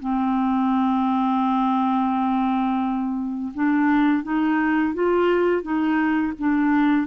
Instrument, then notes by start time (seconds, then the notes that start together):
clarinet
0.00 C4
3.55 D4
4.23 D#4
4.94 F4
5.62 D#4
6.39 D4